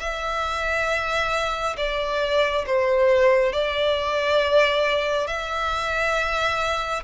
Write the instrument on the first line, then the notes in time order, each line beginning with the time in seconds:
violin
0.00 E5
1.77 D5
2.67 C5
3.53 D5
5.27 E5